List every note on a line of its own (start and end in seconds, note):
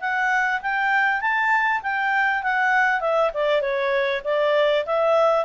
0.00 0.61 F#5
0.62 1.21 G5
1.21 1.81 A5
1.82 2.43 G5
2.43 3.01 F#5
3.01 3.31 E5
3.34 3.61 D5
3.61 4.22 C#5
4.24 4.85 D5
4.86 5.45 E5